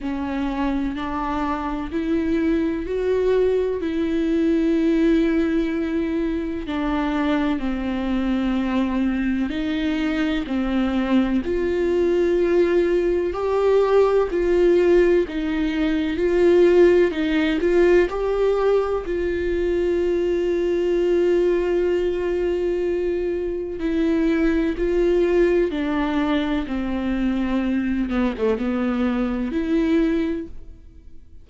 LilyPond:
\new Staff \with { instrumentName = "viola" } { \time 4/4 \tempo 4 = 63 cis'4 d'4 e'4 fis'4 | e'2. d'4 | c'2 dis'4 c'4 | f'2 g'4 f'4 |
dis'4 f'4 dis'8 f'8 g'4 | f'1~ | f'4 e'4 f'4 d'4 | c'4. b16 a16 b4 e'4 | }